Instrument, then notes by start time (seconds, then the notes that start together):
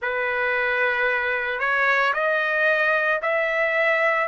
trumpet
0.01 B4
1.59 C#5
2.13 D#5
3.21 E5